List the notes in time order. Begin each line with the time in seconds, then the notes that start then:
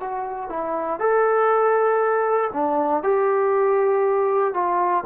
0.00 F#4
0.49 E4
0.99 A4
2.53 D4
3.03 G4
4.54 F4